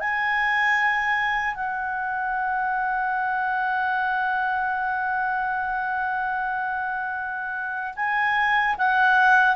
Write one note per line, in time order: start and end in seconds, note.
0.00 1.55 G#5
1.55 7.95 F#5
7.96 8.76 G#5
8.78 9.56 F#5